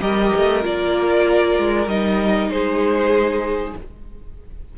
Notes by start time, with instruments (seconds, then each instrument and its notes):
0.00 cello G3, viola G4, violin A#4 D#5
0.36 cello A3
0.61 cello A#3, viola F4, violin D5
1.58 cello G#3
1.87 cello G3, viola D#4, violin D#5
2.48 cello G#3, violin G#4 C5